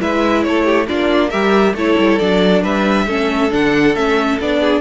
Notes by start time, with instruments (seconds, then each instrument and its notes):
0.00 cello G#3, viola E4, violin B4 E5
0.44 cello A3, violin A4 C#5
0.65 violin G4
0.88 cello A#3, viola D4, violin F4 D5
1.30 cello G3, viola G4, violin A#4 E5
1.74 cello A3, viola E4, violin A4 C#5
1.98 cello G3
2.19 cello F#3, viola D4, violin D5
2.62 cello G3, violin B4 E5
3.07 cello A3, viola C#4, violin A4
3.51 cello D3, viola D4, violin F#5
3.96 cello A3, viola C#4, violin E5
4.40 cello B3, viola D4, violin D5
4.61 violin G#4